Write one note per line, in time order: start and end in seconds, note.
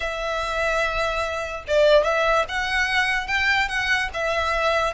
0.00 1.63 E5
1.67 2.04 D5
2.04 2.45 E5
2.48 3.27 F#5
3.27 3.68 G5
3.68 4.09 F#5
4.13 4.93 E5